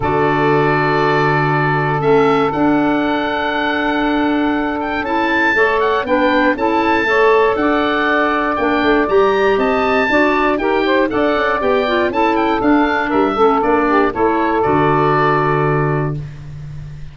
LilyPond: <<
  \new Staff \with { instrumentName = "oboe" } { \time 4/4 \tempo 4 = 119 d''1 | e''4 fis''2.~ | fis''4. g''8 a''4. fis''8 | g''4 a''2 fis''4~ |
fis''4 g''4 ais''4 a''4~ | a''4 g''4 fis''4 g''4 | a''8 g''8 f''4 e''4 d''4 | cis''4 d''2. | }
  \new Staff \with { instrumentName = "saxophone" } { \time 4/4 a'1~ | a'1~ | a'2. cis''4 | b'4 a'4 cis''4 d''4~ |
d''2. dis''4 | d''4 ais'8 c''8 d''2 | a'2 ais'8 a'4 g'8 | a'1 | }
  \new Staff \with { instrumentName = "clarinet" } { \time 4/4 fis'1 | cis'4 d'2.~ | d'2 e'4 a'4 | d'4 e'4 a'2~ |
a'4 d'4 g'2 | fis'4 g'4 a'4 g'8 f'8 | e'4 d'4. cis'8 d'4 | e'4 fis'2. | }
  \new Staff \with { instrumentName = "tuba" } { \time 4/4 d1 | a4 d'2.~ | d'2 cis'4 a4 | b4 cis'4 a4 d'4~ |
d'4 ais8 a8 g4 c'4 | d'4 dis'4 d'8 cis'8 b4 | cis'4 d'4 g8 a8 ais4 | a4 d2. | }
>>